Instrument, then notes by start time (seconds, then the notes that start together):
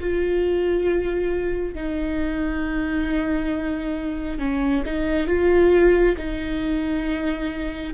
viola
0.00 F4
1.74 D#4
4.39 C#4
4.85 D#4
5.27 F4
6.17 D#4